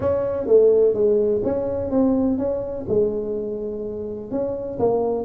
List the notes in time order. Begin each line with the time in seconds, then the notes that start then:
0.00 C#4
0.46 A3
0.94 G#3
1.44 C#4
1.90 C4
2.37 C#4
2.88 G#3
4.31 C#4
4.79 A#3